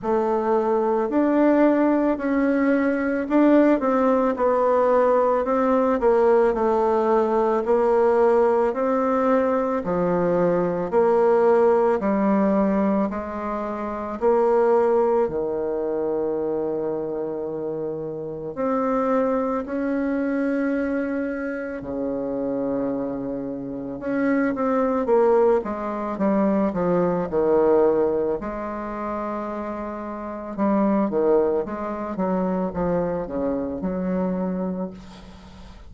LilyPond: \new Staff \with { instrumentName = "bassoon" } { \time 4/4 \tempo 4 = 55 a4 d'4 cis'4 d'8 c'8 | b4 c'8 ais8 a4 ais4 | c'4 f4 ais4 g4 | gis4 ais4 dis2~ |
dis4 c'4 cis'2 | cis2 cis'8 c'8 ais8 gis8 | g8 f8 dis4 gis2 | g8 dis8 gis8 fis8 f8 cis8 fis4 | }